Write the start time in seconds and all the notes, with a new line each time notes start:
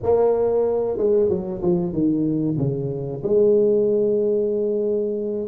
0.03 A#3
0.97 G#3
1.29 F#3
1.62 F3
1.92 D#3
2.57 C#3
3.23 G#3